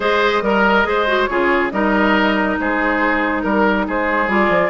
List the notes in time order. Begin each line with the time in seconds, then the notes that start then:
0.00 G#3 G#4 C5 D#5
0.42 G3 A#4
0.84 G#3 G#4 C5
1.06 F#4
1.25 C#3 F4 G#4 C#5
1.71 G3 D#4 A#4 D#5
2.59 G#3 G#4 C5
3.41 G3 A#4
3.87 G#3 G#4 C5
4.27 G3 F4 D5
4.49 F3